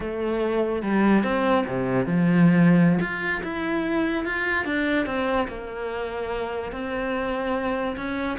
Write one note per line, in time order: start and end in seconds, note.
0.00 0.82 A3
0.82 1.23 G3
1.23 1.65 C4
1.67 2.06 C3
2.06 2.99 F3
3.00 3.42 F4
3.43 4.25 E4
4.25 4.65 F4
4.65 5.06 D4
5.06 5.47 C4
5.48 6.72 A#3
6.72 7.96 C4
7.96 8.37 C#4